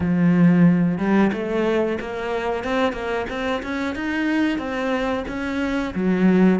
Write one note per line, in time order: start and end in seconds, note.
0.00 0.98 F3
0.98 1.31 G3
1.32 1.98 A3
2.00 2.64 A#3
2.64 2.93 C4
2.93 3.25 A#3
3.29 3.62 C4
3.62 3.95 C#4
3.95 4.58 D#4
4.58 5.24 C4
5.27 5.93 C#4
5.95 6.59 F#3